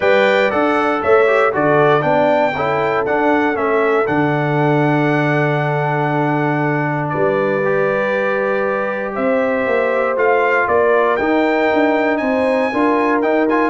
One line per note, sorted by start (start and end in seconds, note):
0.00 0.51 G3
0.00 0.50 B4
0.00 1.01 D5
0.00 0.51 G5
0.50 1.03 D4
0.50 1.26 A4
0.50 1.01 F#5
1.01 1.54 A3
1.01 1.52 C#5
1.01 1.53 E5
1.26 1.52 G4
1.52 2.03 D3
1.52 2.01 F#4
1.52 2.03 A4
1.52 2.02 D5
2.01 2.54 B3
2.01 2.51 D4
2.01 2.54 D5
2.01 3.03 G5
2.55 3.06 C#4
2.55 3.06 E4
2.55 7.11 A4
3.05 3.54 D4
3.05 3.55 D4
3.05 3.56 F#5
3.54 4.05 A3
3.54 4.05 C#4
3.54 4.06 E5
4.05 7.13 D3
4.05 7.61 D4
4.05 7.09 F#5
7.09 9.14 B4
7.09 9.12 D5
7.15 9.16 G3
7.64 10.17 G4
9.14 9.66 C4
9.14 10.67 C5
9.14 10.16 E5
9.66 10.16 A#3
10.16 10.66 A3
10.16 11.18 F4
10.16 10.67 F5
10.67 11.17 A#3
10.67 12.20 A#4
10.67 11.16 D5
11.16 11.69 D#4
11.16 12.72 D#4
11.16 12.17 G5
11.73 12.21 D4
12.17 12.71 C4
12.17 12.71 C5
12.17 13.19 G#5
12.71 13.23 D4
12.71 13.23 F4
12.71 13.70 A#4
13.21 13.48 D#4
13.21 13.70 D#4
13.21 13.47 G5
13.48 13.70 F4
13.48 13.70 G#5